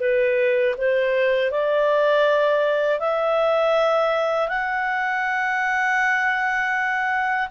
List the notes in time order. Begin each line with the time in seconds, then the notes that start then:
0.00 B4
0.78 C5
1.51 D5
3.00 E5
4.49 F#5